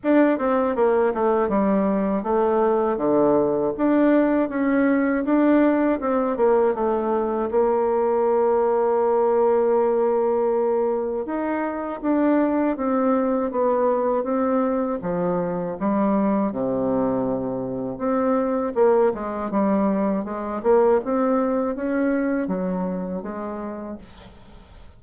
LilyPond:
\new Staff \with { instrumentName = "bassoon" } { \time 4/4 \tempo 4 = 80 d'8 c'8 ais8 a8 g4 a4 | d4 d'4 cis'4 d'4 | c'8 ais8 a4 ais2~ | ais2. dis'4 |
d'4 c'4 b4 c'4 | f4 g4 c2 | c'4 ais8 gis8 g4 gis8 ais8 | c'4 cis'4 fis4 gis4 | }